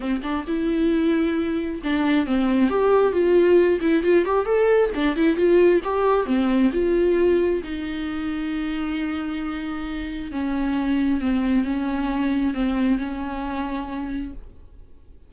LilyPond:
\new Staff \with { instrumentName = "viola" } { \time 4/4 \tempo 4 = 134 c'8 d'8 e'2. | d'4 c'4 g'4 f'4~ | f'8 e'8 f'8 g'8 a'4 d'8 e'8 | f'4 g'4 c'4 f'4~ |
f'4 dis'2.~ | dis'2. cis'4~ | cis'4 c'4 cis'2 | c'4 cis'2. | }